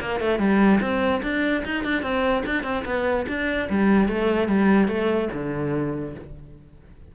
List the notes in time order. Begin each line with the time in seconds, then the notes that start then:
0.00 A#3
0.20 A3
0.38 G3
0.80 C4
1.22 D4
1.65 D#4
1.84 D4
2.02 C4
2.45 D4
2.63 C4
2.85 B3
3.28 D4
3.69 G3
4.08 A3
4.47 G3
4.88 A3
5.33 D3